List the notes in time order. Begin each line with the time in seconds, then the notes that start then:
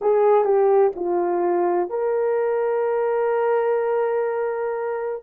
0.01 G#4
0.44 G4
0.95 F4
1.89 A#4